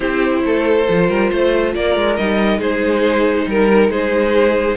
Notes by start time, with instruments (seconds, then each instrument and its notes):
0.00 cello C4, viola E4, violin G4 C5
0.44 cello A3, violin A4
0.87 cello F3, viola F4
1.08 cello G3, violin A#4
1.30 cello A3, violin C5
1.75 cello A#3, violin A#4 D5
1.96 cello G#3
2.16 cello G3, viola D#4, violin D#5
2.58 cello G#3, violin G#4 C5
3.47 cello G3, violin A#4
3.89 cello G#3, violin G#4 C5